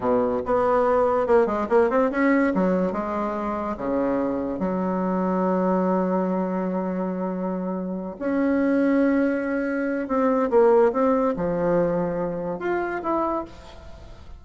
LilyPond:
\new Staff \with { instrumentName = "bassoon" } { \time 4/4 \tempo 4 = 143 b,4 b2 ais8 gis8 | ais8 c'8 cis'4 fis4 gis4~ | gis4 cis2 fis4~ | fis1~ |
fis2.~ fis8 cis'8~ | cis'1 | c'4 ais4 c'4 f4~ | f2 f'4 e'4 | }